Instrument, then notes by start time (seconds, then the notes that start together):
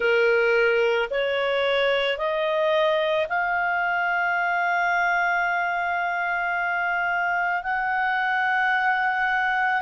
clarinet
0.00 A#4
1.10 C#5
2.17 D#5
3.28 F5
7.63 F#5